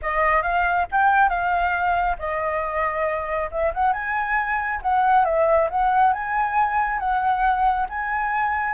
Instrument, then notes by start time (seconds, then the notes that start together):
flute
0.02 D#5
0.42 F5
0.91 G5
1.29 F5
2.18 D#5
3.51 E5
3.73 F#5
3.92 G#5
4.82 F#5
5.25 E5
5.70 F#5
6.12 G#5
6.99 F#5
7.89 G#5